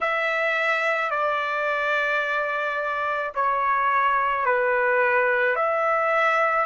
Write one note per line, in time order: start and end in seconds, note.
0.00 1.10 E5
1.10 3.32 D5
3.34 4.45 C#5
4.45 5.56 B4
5.56 6.65 E5